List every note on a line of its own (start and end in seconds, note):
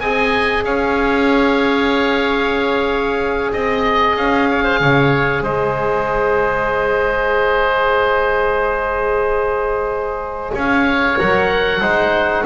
0.00 0.64 C4
0.00 11.18 G#4
0.00 0.65 D#5
0.00 0.64 G#5
0.64 3.51 C#4
0.64 3.52 C#5
0.64 3.52 F5
3.52 4.16 C4
3.52 4.16 D#5
3.52 4.49 D#5
4.16 4.80 C#4
4.16 5.44 F5
4.50 4.63 C#5
4.63 4.79 C5
4.80 5.41 C#3
4.80 5.43 C#5
5.41 10.51 G#3
5.41 10.53 C5
5.41 10.54 D#5
10.53 11.18 C#4
10.53 11.81 C#5
10.53 11.19 F5
11.18 11.80 F#3
11.18 11.81 A#4
11.18 12.46 F#5
11.80 12.44 G#3
11.80 12.45 D#4
11.80 12.44 C5